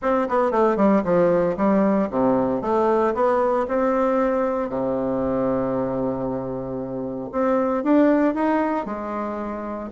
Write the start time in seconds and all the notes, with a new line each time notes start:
0.02 C4
0.28 B3
0.51 A3
0.76 G3
1.04 F3
1.56 G3
2.10 C3
2.61 A3
3.14 B3
3.68 C4
4.69 C3
7.32 C4
7.83 D4
8.34 D#4
8.85 G#3